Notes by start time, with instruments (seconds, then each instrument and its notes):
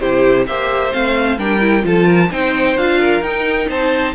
0.00 cello C3, viola E4, violin G4 C5
0.47 cello A#3, viola G4, violin C5 E5
0.92 cello A3, viola C4, violin F5
1.38 cello G3, viola D4, violin A#4 G5
1.61 viola E4
1.83 cello F3, viola F4, violin A4 A5
2.06 violin A#4
2.31 cello C4, viola D#4, violin C5 G5
2.77 cello D4, viola F4, violin F5
3.00 violin A#4
3.22 cello D#4, viola D#4, violin G5
3.69 cello C4, violin C5 A5